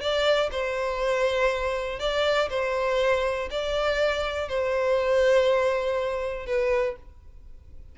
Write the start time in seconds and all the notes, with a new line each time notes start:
0.00 D5
0.51 C5
1.99 D5
2.49 C5
3.50 D5
4.48 C5
6.46 B4